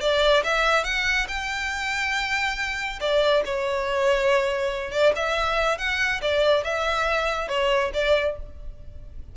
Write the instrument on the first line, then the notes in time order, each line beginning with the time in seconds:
violin
0.00 D5
0.43 E5
0.84 F#5
1.28 G5
3.00 D5
3.45 C#5
4.91 D5
5.15 E5
5.78 F#5
6.22 D5
6.64 E5
7.48 C#5
7.93 D5